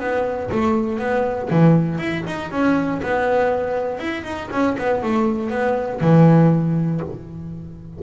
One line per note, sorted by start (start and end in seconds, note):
0.00 0.50 B3
0.52 0.99 A3
0.99 1.49 B3
1.50 1.98 E3
1.98 2.23 E4
2.27 2.51 D#4
2.51 3.01 C#4
3.03 4.00 B3
4.00 4.24 E4
4.24 4.49 D#4
4.52 4.77 C#4
4.78 5.03 B3
5.03 5.50 A3
5.50 6.00 B3
6.01 7.01 E3